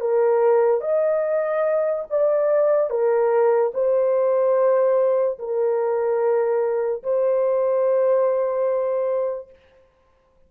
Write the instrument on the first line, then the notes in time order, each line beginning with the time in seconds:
horn
0.00 A#4
0.80 D#5
2.10 D5
2.90 A#4
3.74 C5
5.38 A#4
7.03 C5